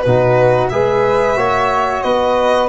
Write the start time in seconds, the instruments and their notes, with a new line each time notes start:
0.00 tuba B2, trombone D#4, flute F#4, violin B4
0.69 tuba G#3, trombone G#4, flute B4, violin E5
1.36 tuba A#3, trombone F#4, flute C#5
2.02 tuba B3, flute B4, violin D#5